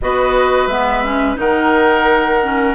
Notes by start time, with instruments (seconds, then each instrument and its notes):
0.01 bassoon B3, clarinet F#4, oboe B4, flute D#5
0.67 bassoon G#3, clarinet B3, flute E5
1.04 clarinet C#4
1.35 bassoon D#3, clarinet D#4, oboe A#4, flute F#5
2.42 clarinet C#4